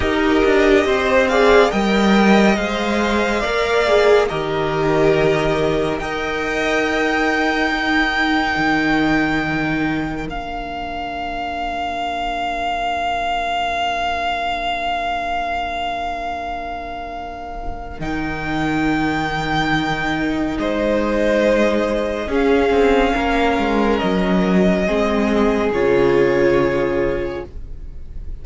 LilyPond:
<<
  \new Staff \with { instrumentName = "violin" } { \time 4/4 \tempo 4 = 70 dis''4. f''8 g''4 f''4~ | f''4 dis''2 g''4~ | g''1 | f''1~ |
f''1~ | f''4 g''2. | dis''2 f''2 | dis''2 cis''2 | }
  \new Staff \with { instrumentName = "violin" } { \time 4/4 ais'4 c''8 d''8 dis''2 | d''4 ais'2 dis''4~ | dis''4 ais'2.~ | ais'1~ |
ais'1~ | ais'1 | c''2 gis'4 ais'4~ | ais'4 gis'2. | }
  \new Staff \with { instrumentName = "viola" } { \time 4/4 g'4. gis'8 ais'4 c''4 | ais'8 gis'8 g'2 ais'4~ | ais'4 dis'2. | d'1~ |
d'1~ | d'4 dis'2.~ | dis'2 cis'2~ | cis'4 c'4 f'2 | }
  \new Staff \with { instrumentName = "cello" } { \time 4/4 dis'8 d'8 c'4 g4 gis4 | ais4 dis2 dis'4~ | dis'2 dis2 | ais1~ |
ais1~ | ais4 dis2. | gis2 cis'8 c'8 ais8 gis8 | fis4 gis4 cis2 | }
>>